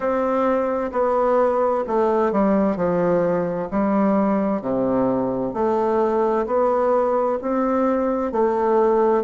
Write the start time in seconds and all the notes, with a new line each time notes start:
0.00 C4
0.92 B3
1.87 A3
2.32 G3
2.76 F3
3.70 G3
4.61 C3
5.53 A3
6.46 B3
7.41 C4
8.32 A3